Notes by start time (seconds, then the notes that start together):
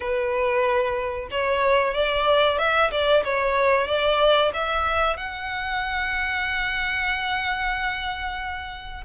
0.00 B4
1.30 C#5
1.94 D5
2.58 E5
2.91 D5
3.24 C#5
3.87 D5
4.53 E5
5.16 F#5